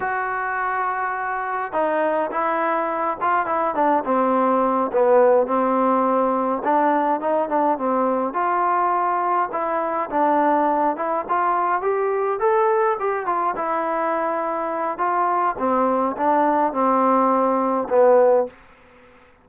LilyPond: \new Staff \with { instrumentName = "trombone" } { \time 4/4 \tempo 4 = 104 fis'2. dis'4 | e'4. f'8 e'8 d'8 c'4~ | c'8 b4 c'2 d'8~ | d'8 dis'8 d'8 c'4 f'4.~ |
f'8 e'4 d'4. e'8 f'8~ | f'8 g'4 a'4 g'8 f'8 e'8~ | e'2 f'4 c'4 | d'4 c'2 b4 | }